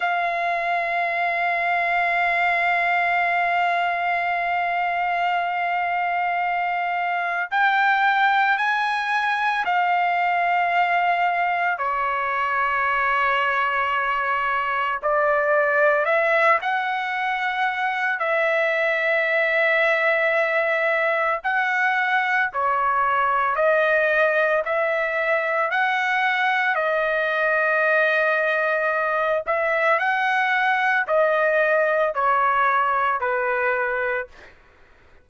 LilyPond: \new Staff \with { instrumentName = "trumpet" } { \time 4/4 \tempo 4 = 56 f''1~ | f''2. g''4 | gis''4 f''2 cis''4~ | cis''2 d''4 e''8 fis''8~ |
fis''4 e''2. | fis''4 cis''4 dis''4 e''4 | fis''4 dis''2~ dis''8 e''8 | fis''4 dis''4 cis''4 b'4 | }